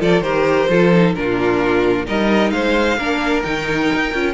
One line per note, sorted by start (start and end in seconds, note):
0.00 0.20 F3
0.00 0.23 F4
0.00 0.23 A4
0.00 0.21 D5
0.20 0.66 D#3
0.20 0.69 G4
0.20 0.69 A#4
0.20 1.13 C5
0.69 1.15 F3
0.69 0.92 F4
0.69 1.15 A4
0.93 1.15 D#4
1.15 2.07 A#2
1.15 2.06 D4
1.15 2.06 F4
1.15 2.06 A#4
2.06 2.51 G3
2.06 2.97 D#4
2.06 2.52 A#4
2.06 2.50 D#5
2.50 2.97 G#3
2.50 2.97 C5
2.50 3.42 F5
2.97 3.43 A#3
2.97 3.43 D4
2.97 4.33 A#4
3.42 3.91 D#3
3.42 4.12 D#4
3.42 4.33 G5
3.94 4.13 D#4
4.13 4.33 C#4
4.13 4.33 F4